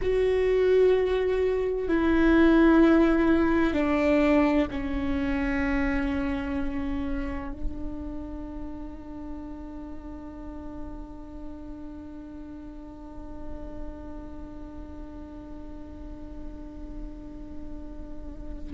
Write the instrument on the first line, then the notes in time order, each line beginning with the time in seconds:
viola
0.01 F#4
1.87 E4
3.73 D4
4.70 C#4
7.52 D4